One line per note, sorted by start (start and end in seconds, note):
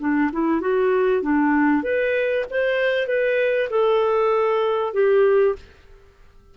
0.00 0.31 D4
0.32 0.61 E4
0.61 1.22 F#4
1.22 1.83 D4
1.83 2.45 B4
2.51 3.07 C5
3.07 3.69 B4
3.70 4.94 A4
4.94 5.56 G4